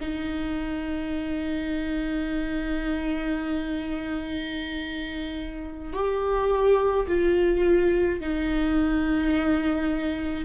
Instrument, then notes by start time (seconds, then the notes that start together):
viola
0.00 D#4
5.93 G4
7.07 F4
8.20 D#4